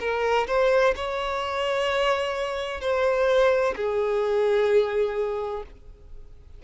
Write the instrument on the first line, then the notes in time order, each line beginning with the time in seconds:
violin
0.00 A#4
0.47 C5
0.96 C#5
2.81 C5
3.76 G#4